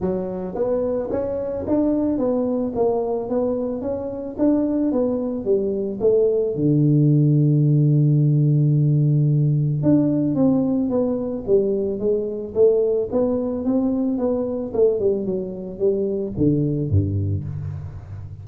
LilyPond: \new Staff \with { instrumentName = "tuba" } { \time 4/4 \tempo 4 = 110 fis4 b4 cis'4 d'4 | b4 ais4 b4 cis'4 | d'4 b4 g4 a4 | d1~ |
d2 d'4 c'4 | b4 g4 gis4 a4 | b4 c'4 b4 a8 g8 | fis4 g4 d4 g,4 | }